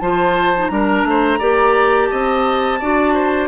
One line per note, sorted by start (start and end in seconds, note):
0.00 0.71 F3
0.00 0.54 F4
0.00 0.72 C5
0.00 0.68 A5
0.57 0.70 D#4
0.68 1.04 G3
0.68 1.40 D4
0.68 1.08 A#4
0.68 2.06 A#5
1.04 1.39 A3
1.10 1.40 C5
1.40 2.11 A#3
1.40 2.80 G4
1.40 2.09 D5
2.06 2.80 D#5
2.06 3.46 A5
2.12 2.81 C4
2.80 3.49 D4
2.80 3.49 F#4
2.80 3.14 D5
3.14 3.49 C5